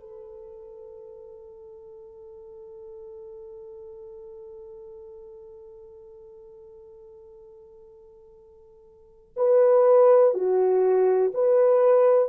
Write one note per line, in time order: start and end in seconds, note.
0.00 9.34 A4
9.36 10.34 B4
10.34 11.32 F#4
11.34 12.29 B4